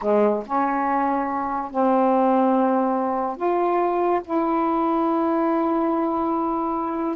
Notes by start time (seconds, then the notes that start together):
0.01 G#3
0.46 C#4
1.71 C4
3.36 F4
4.24 E4